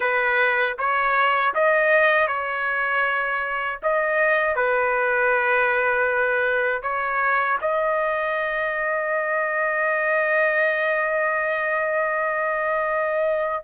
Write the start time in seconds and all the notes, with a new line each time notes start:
0.00 B4
0.78 C#5
1.54 D#5
2.27 C#5
3.83 D#5
4.55 B4
6.82 C#5
7.61 D#5